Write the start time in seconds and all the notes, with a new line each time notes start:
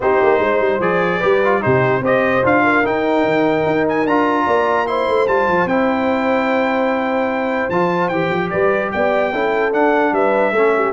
0.00 C4 D#4 G4 C5
0.22 A#3
0.39 G#3 C5
0.59 G3
0.79 F3 G#4 D5
1.18 G3 G4 B4
1.44 F4
1.61 C3 D#4 G4 C5
2.00 C4 G4 C5 D#5
2.43 D4 F4 F5
2.63 A#4
2.84 D#4 G5
3.25 D#3
3.65 D#4
3.88 G#5
4.05 D4 F4 A#5
4.45 A#3 D5
4.86 E4 C5 C6
5.08 A3
5.27 G3 F4 A5
5.47 F3
5.65 C4 E4 G5
7.69 F3 F4 A5
8.08 E3 G4 G5
8.30 F3
8.50 G3 B4 D5
8.91 B3 D5 G5
9.32 C#4 E4 A4
9.72 D4 F#5
10.12 G3 B4 E5
10.51 A3 C#4 A4
10.75 G4